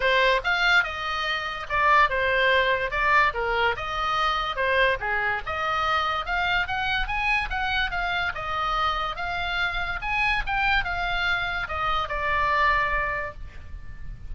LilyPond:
\new Staff \with { instrumentName = "oboe" } { \time 4/4 \tempo 4 = 144 c''4 f''4 dis''2 | d''4 c''2 d''4 | ais'4 dis''2 c''4 | gis'4 dis''2 f''4 |
fis''4 gis''4 fis''4 f''4 | dis''2 f''2 | gis''4 g''4 f''2 | dis''4 d''2. | }